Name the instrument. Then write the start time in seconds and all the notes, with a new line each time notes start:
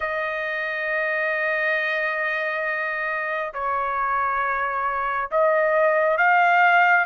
trumpet
0.00 D#5
3.53 C#5
5.31 D#5
6.17 F5